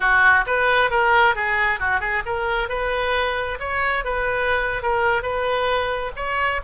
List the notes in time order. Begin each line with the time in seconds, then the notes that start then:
0.00 F#4
0.46 B4
0.90 A#4
1.35 G#4
1.79 F#4
2.00 G#4
2.25 A#4
2.68 B4
3.59 C#5
4.04 B4
4.82 A#4
5.22 B4
6.15 C#5